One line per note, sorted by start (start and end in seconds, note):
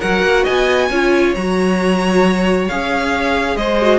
0.00 0.22 F#3
0.00 0.91 F#4
0.00 0.44 A#4
0.00 0.45 F#5
0.22 0.44 A#3
0.44 0.90 B3
0.44 0.89 D#5
0.44 1.34 G#5
0.89 1.35 C#4
0.89 1.37 F4
0.89 3.56 C#5
1.35 2.69 F#3
1.35 2.71 F#4
1.35 2.68 A#5
2.68 3.56 C#4
2.68 3.82 G#4
2.68 3.57 F5
3.56 3.99 G#3
3.56 3.99 C5
3.56 3.99 D#5
3.82 3.99 F#4